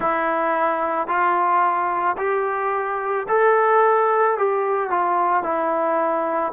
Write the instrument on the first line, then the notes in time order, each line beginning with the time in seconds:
trombone
0.00 E4
1.07 F4
2.17 G4
3.28 A4
4.37 G4
4.90 F4
5.43 E4